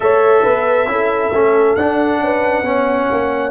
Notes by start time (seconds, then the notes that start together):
0.00 A3 A4 C#5 E5
0.42 B3 B4
0.86 C#4 E4 A4
1.31 A3 C#4
1.75 D4 F#5
2.19 C#4 B4
2.62 B3 C#4 C#5
3.11 A#3